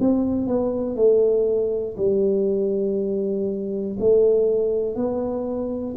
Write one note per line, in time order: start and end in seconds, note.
0.00 0.47 C4
0.47 0.96 B3
0.96 1.96 A3
1.97 3.97 G3
4.00 4.95 A3
4.95 5.95 B3